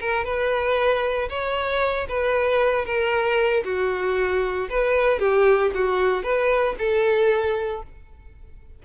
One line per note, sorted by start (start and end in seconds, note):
0.00 0.24 A#4
0.24 1.28 B4
1.29 2.07 C#5
2.08 2.85 B4
2.85 3.63 A#4
3.64 4.69 F#4
4.69 5.19 B4
5.19 5.71 G4
5.74 6.23 F#4
6.23 6.75 B4
6.78 7.83 A4